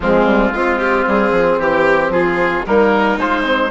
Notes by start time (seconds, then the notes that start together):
0.00 F3 G#3 C4 F4
0.25 G3
0.51 G#3 C4 F4
0.78 G4
1.07 G3 G#4
1.31 F3
1.58 E3 G4
2.09 F3 F4 G#4
2.66 G3 A#3 D#4 A#4
3.18 G#3 F4 C5
3.43 C4